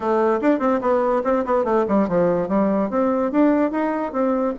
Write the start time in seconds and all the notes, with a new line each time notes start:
0.00 A3
0.41 D4
0.59 C4
0.81 B3
1.24 C4
1.45 B3
1.64 A3
1.88 G3
2.08 F3
2.48 G3
2.90 C4
3.31 D4
3.71 D#4
4.12 C4